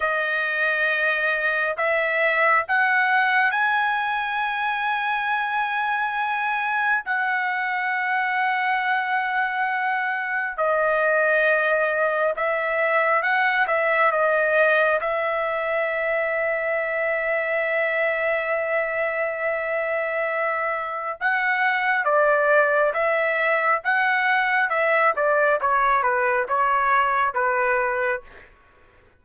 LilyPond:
\new Staff \with { instrumentName = "trumpet" } { \time 4/4 \tempo 4 = 68 dis''2 e''4 fis''4 | gis''1 | fis''1 | dis''2 e''4 fis''8 e''8 |
dis''4 e''2.~ | e''1 | fis''4 d''4 e''4 fis''4 | e''8 d''8 cis''8 b'8 cis''4 b'4 | }